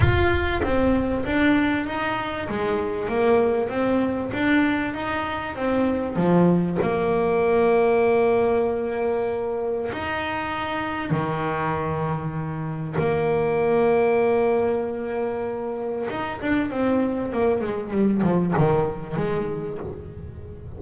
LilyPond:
\new Staff \with { instrumentName = "double bass" } { \time 4/4 \tempo 4 = 97 f'4 c'4 d'4 dis'4 | gis4 ais4 c'4 d'4 | dis'4 c'4 f4 ais4~ | ais1 |
dis'2 dis2~ | dis4 ais2.~ | ais2 dis'8 d'8 c'4 | ais8 gis8 g8 f8 dis4 gis4 | }